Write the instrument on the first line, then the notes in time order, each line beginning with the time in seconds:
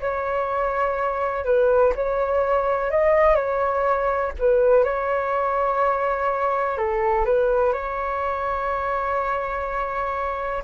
flute
0.00 C#5
1.45 B4
1.95 C#5
2.91 D#5
3.35 C#5
4.39 B4
4.84 C#5
6.77 A4
7.25 B4
7.72 C#5